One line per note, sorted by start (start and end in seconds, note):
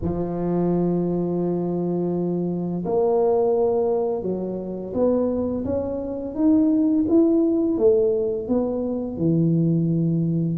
0.01 2.84 F3
2.85 4.22 A#3
4.22 4.93 F#3
4.93 5.64 B3
5.64 6.34 C#4
6.34 7.05 D#4
7.08 7.77 E4
7.77 8.47 A3
8.47 9.17 B3
9.17 10.58 E3